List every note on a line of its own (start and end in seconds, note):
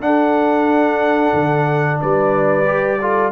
0.00 1.32 D4
0.00 2.65 D4
0.00 2.01 A4
0.00 2.00 F#5
1.34 2.00 D3
2.01 3.32 G3
2.01 3.00 B4
2.01 3.32 D5
2.66 2.99 G4
3.01 3.32 F4
3.01 3.32 A4